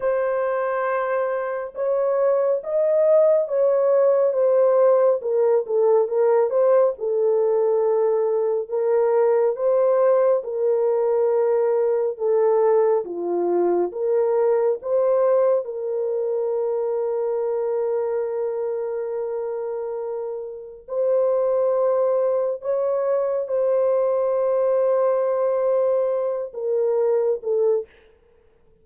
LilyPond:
\new Staff \with { instrumentName = "horn" } { \time 4/4 \tempo 4 = 69 c''2 cis''4 dis''4 | cis''4 c''4 ais'8 a'8 ais'8 c''8 | a'2 ais'4 c''4 | ais'2 a'4 f'4 |
ais'4 c''4 ais'2~ | ais'1 | c''2 cis''4 c''4~ | c''2~ c''8 ais'4 a'8 | }